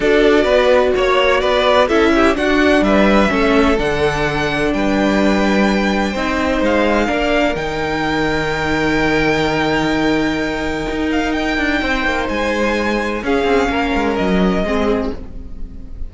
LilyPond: <<
  \new Staff \with { instrumentName = "violin" } { \time 4/4 \tempo 4 = 127 d''2 cis''4 d''4 | e''4 fis''4 e''2 | fis''2 g''2~ | g''2 f''2 |
g''1~ | g''2.~ g''8 f''8 | g''2 gis''2 | f''2 dis''2 | }
  \new Staff \with { instrumentName = "violin" } { \time 4/4 a'4 b'4 cis''4 b'4 | a'8 g'8 fis'4 b'4 a'4~ | a'2 b'2~ | b'4 c''2 ais'4~ |
ais'1~ | ais'1~ | ais'4 c''2. | gis'4 ais'2 gis'4 | }
  \new Staff \with { instrumentName = "viola" } { \time 4/4 fis'1 | e'4 d'2 cis'4 | d'1~ | d'4 dis'2 d'4 |
dis'1~ | dis'1~ | dis'1 | cis'2. c'4 | }
  \new Staff \with { instrumentName = "cello" } { \time 4/4 d'4 b4 ais4 b4 | cis'4 d'4 g4 a4 | d2 g2~ | g4 c'4 gis4 ais4 |
dis1~ | dis2. dis'4~ | dis'8 d'8 c'8 ais8 gis2 | cis'8 c'8 ais8 gis8 fis4 gis4 | }
>>